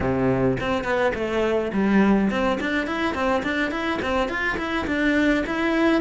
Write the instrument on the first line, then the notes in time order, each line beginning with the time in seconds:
cello
0.00 C3
0.60 C4
0.84 B3
1.14 A3
1.72 G3
2.30 C4
2.60 D4
2.86 E4
3.14 C4
3.43 D4
3.71 E4
4.02 C4
4.28 F4
4.57 E4
4.86 D4
5.46 E4